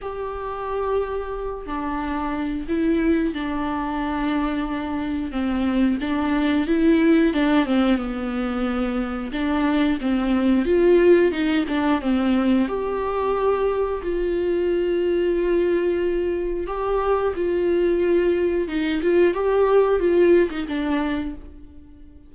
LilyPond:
\new Staff \with { instrumentName = "viola" } { \time 4/4 \tempo 4 = 90 g'2~ g'8 d'4. | e'4 d'2. | c'4 d'4 e'4 d'8 c'8 | b2 d'4 c'4 |
f'4 dis'8 d'8 c'4 g'4~ | g'4 f'2.~ | f'4 g'4 f'2 | dis'8 f'8 g'4 f'8. dis'16 d'4 | }